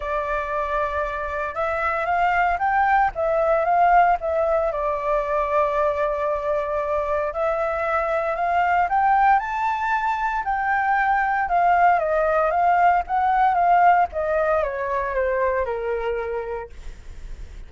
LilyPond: \new Staff \with { instrumentName = "flute" } { \time 4/4 \tempo 4 = 115 d''2. e''4 | f''4 g''4 e''4 f''4 | e''4 d''2.~ | d''2 e''2 |
f''4 g''4 a''2 | g''2 f''4 dis''4 | f''4 fis''4 f''4 dis''4 | cis''4 c''4 ais'2 | }